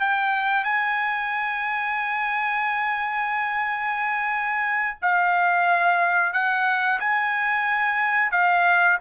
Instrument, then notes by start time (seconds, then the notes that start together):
trumpet
0.00 G5
0.64 G#5
5.02 F5
6.33 F#5
7.00 G#5
8.32 F5